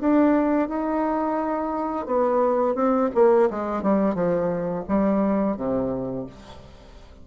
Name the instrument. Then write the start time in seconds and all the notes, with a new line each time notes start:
bassoon
0.00 D4
0.68 D#4
2.06 B3
2.75 C4
3.14 A#3
3.50 G#3
3.82 G3
4.14 F3
4.88 G3
5.56 C3